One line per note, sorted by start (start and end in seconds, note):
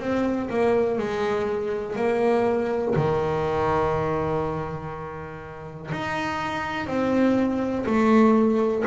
0.00 0.49 C4
0.49 0.98 A#3
0.98 1.96 G#3
1.96 2.94 A#3
2.95 5.90 D#3
5.91 6.86 D#4
6.86 7.85 C4
7.86 8.84 A3